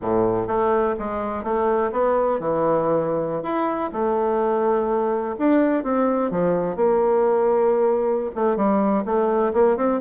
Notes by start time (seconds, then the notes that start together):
0.01 A2
0.47 A3
0.98 G#3
1.43 A3
1.92 B3
2.39 E3
3.42 E4
3.92 A3
5.39 D4
5.83 C4
6.30 F3
6.76 A#3
8.35 A3
8.56 G3
9.05 A3
9.53 A#3
9.77 C4